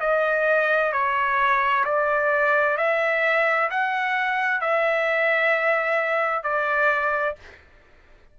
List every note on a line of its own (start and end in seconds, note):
0.00 0.92 D#5
0.92 1.84 C#5
1.85 2.77 D5
2.77 3.69 E5
3.70 4.61 F#5
4.61 6.43 E5
6.43 7.36 D5